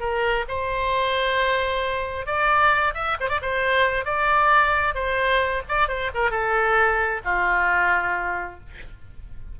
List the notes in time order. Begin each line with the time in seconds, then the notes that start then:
0.00 A#4
0.48 C5
2.26 D5
2.94 E5
3.20 C5
3.29 D5
3.42 C5
4.05 D5
4.95 C5
5.69 D5
5.88 C5
6.14 A#4
6.31 A4
7.25 F4